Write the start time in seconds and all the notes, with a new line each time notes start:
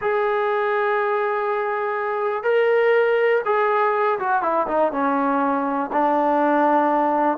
0.01 G#4
2.43 A#4
3.45 G#4
4.19 F#4
4.42 E4
4.67 D#4
4.92 C#4
5.92 D4